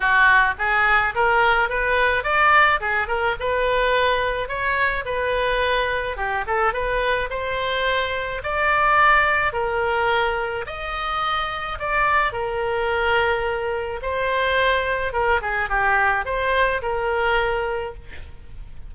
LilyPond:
\new Staff \with { instrumentName = "oboe" } { \time 4/4 \tempo 4 = 107 fis'4 gis'4 ais'4 b'4 | d''4 gis'8 ais'8 b'2 | cis''4 b'2 g'8 a'8 | b'4 c''2 d''4~ |
d''4 ais'2 dis''4~ | dis''4 d''4 ais'2~ | ais'4 c''2 ais'8 gis'8 | g'4 c''4 ais'2 | }